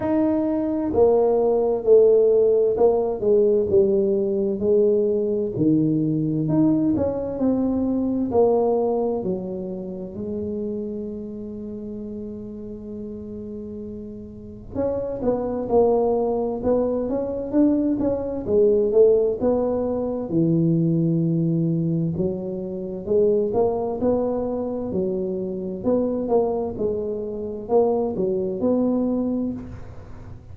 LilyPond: \new Staff \with { instrumentName = "tuba" } { \time 4/4 \tempo 4 = 65 dis'4 ais4 a4 ais8 gis8 | g4 gis4 dis4 dis'8 cis'8 | c'4 ais4 fis4 gis4~ | gis1 |
cis'8 b8 ais4 b8 cis'8 d'8 cis'8 | gis8 a8 b4 e2 | fis4 gis8 ais8 b4 fis4 | b8 ais8 gis4 ais8 fis8 b4 | }